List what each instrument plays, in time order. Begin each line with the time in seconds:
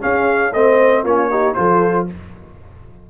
0.00 trombone C#4, tuba C#4, horn G#4, trumpet F5
0.52 tuba A3, trombone C4, horn C5, trumpet D#5
1.03 tuba A#3, trombone C#4, horn F4, trumpet C#5
1.30 trombone D#4, horn G4
1.54 tuba F3, trombone F4, horn A4, trumpet C5